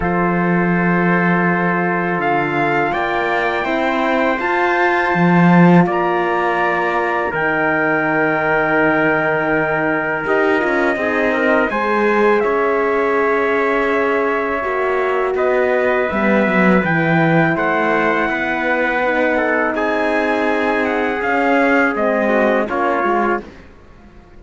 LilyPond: <<
  \new Staff \with { instrumentName = "trumpet" } { \time 4/4 \tempo 4 = 82 c''2. f''4 | g''2 a''2 | ais''2 g''2~ | g''2 dis''2 |
gis''4 e''2.~ | e''4 dis''4 e''4 g''4 | fis''2. gis''4~ | gis''8 fis''8 f''4 dis''4 cis''4 | }
  \new Staff \with { instrumentName = "trumpet" } { \time 4/4 a'1 | d''4 c''2. | d''2 ais'2~ | ais'2. gis'8 ais'8 |
c''4 cis''2.~ | cis''4 b'2. | c''4 b'4. a'8 gis'4~ | gis'2~ gis'8 fis'8 f'4 | }
  \new Staff \with { instrumentName = "horn" } { \time 4/4 f'1~ | f'4 e'4 f'2~ | f'2 dis'2~ | dis'2 g'8 f'8 dis'4 |
gis'1 | fis'2 b4 e'4~ | e'2 dis'2~ | dis'4 cis'4 c'4 cis'8 f'8 | }
  \new Staff \with { instrumentName = "cello" } { \time 4/4 f2. d4 | ais4 c'4 f'4 f4 | ais2 dis2~ | dis2 dis'8 cis'8 c'4 |
gis4 cis'2. | ais4 b4 g8 fis8 e4 | a4 b2 c'4~ | c'4 cis'4 gis4 ais8 gis8 | }
>>